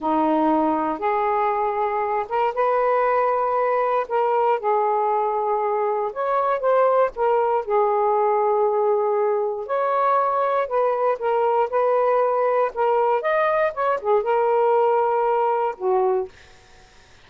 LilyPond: \new Staff \with { instrumentName = "saxophone" } { \time 4/4 \tempo 4 = 118 dis'2 gis'2~ | gis'8 ais'8 b'2. | ais'4 gis'2. | cis''4 c''4 ais'4 gis'4~ |
gis'2. cis''4~ | cis''4 b'4 ais'4 b'4~ | b'4 ais'4 dis''4 cis''8 gis'8 | ais'2. fis'4 | }